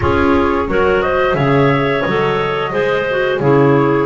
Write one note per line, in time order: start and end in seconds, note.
0.00 0.67 C#4
0.00 0.66 F4
0.00 0.69 G#4
0.00 1.00 C#5
0.67 1.34 F#3
0.67 1.34 F#4
0.67 1.03 A#4
1.00 1.36 C5
1.00 1.34 D#5
1.34 2.02 C#3
1.34 2.03 G#4
1.34 2.71 C#5
1.34 2.02 E5
2.02 2.73 F#3
2.02 3.38 D#5
2.08 2.71 A4
2.71 3.40 G#3
2.71 3.05 G#4
2.71 3.40 C5
3.10 3.41 F#4
3.38 4.06 C#3
3.38 4.06 E4
3.38 4.06 G#4
3.38 4.06 C#5